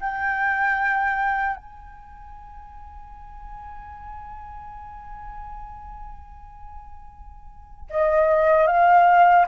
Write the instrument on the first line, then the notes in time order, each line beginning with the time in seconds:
flute
0.00 G5
1.56 G#5
7.90 D#5
8.67 F5